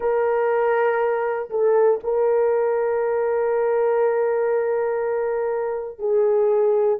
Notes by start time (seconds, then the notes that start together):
0.00 A#4
1.50 A4
2.03 A#4
5.99 G#4